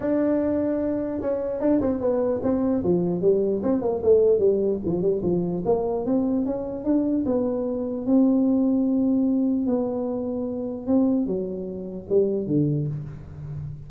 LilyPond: \new Staff \with { instrumentName = "tuba" } { \time 4/4 \tempo 4 = 149 d'2. cis'4 | d'8 c'8 b4 c'4 f4 | g4 c'8 ais8 a4 g4 | f8 g8 f4 ais4 c'4 |
cis'4 d'4 b2 | c'1 | b2. c'4 | fis2 g4 d4 | }